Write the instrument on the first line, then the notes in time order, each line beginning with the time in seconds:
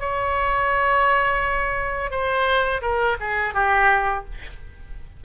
oboe
0.00 C#5
2.11 C5
2.82 A#4
3.20 G#4
3.54 G4